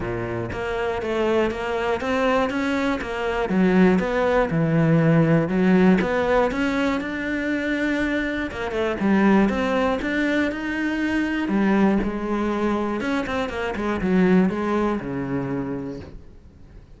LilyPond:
\new Staff \with { instrumentName = "cello" } { \time 4/4 \tempo 4 = 120 ais,4 ais4 a4 ais4 | c'4 cis'4 ais4 fis4 | b4 e2 fis4 | b4 cis'4 d'2~ |
d'4 ais8 a8 g4 c'4 | d'4 dis'2 g4 | gis2 cis'8 c'8 ais8 gis8 | fis4 gis4 cis2 | }